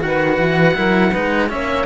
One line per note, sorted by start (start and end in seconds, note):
0.00 0.38 D#3
0.00 0.74 F#4
0.00 0.77 B4
0.00 1.50 F#5
0.38 0.75 E3
0.75 1.15 F#3
0.75 1.12 E4
0.75 1.11 A#4
1.11 1.53 G#3
1.11 1.49 D#4
1.11 1.48 B4
1.49 1.87 A#3
1.49 1.86 C#4
1.49 1.87 C#5
1.49 1.87 E5